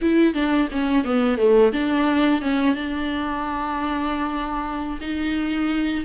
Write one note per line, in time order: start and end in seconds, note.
0.01 0.34 E4
0.34 0.68 D4
0.71 1.04 C#4
1.04 1.37 B3
1.37 1.71 A3
1.72 2.41 D4
2.41 2.75 C#4
2.75 4.99 D4
5.00 6.04 D#4